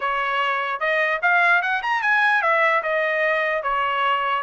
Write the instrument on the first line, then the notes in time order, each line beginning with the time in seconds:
trumpet
0.00 C#5
0.80 D#5
1.22 F5
1.62 F#5
1.82 A#5
2.02 G#5
2.42 E5
2.82 D#5
3.62 C#5